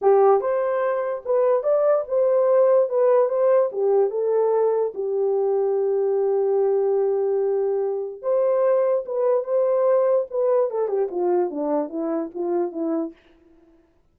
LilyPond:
\new Staff \with { instrumentName = "horn" } { \time 4/4 \tempo 4 = 146 g'4 c''2 b'4 | d''4 c''2 b'4 | c''4 g'4 a'2 | g'1~ |
g'1 | c''2 b'4 c''4~ | c''4 b'4 a'8 g'8 f'4 | d'4 e'4 f'4 e'4 | }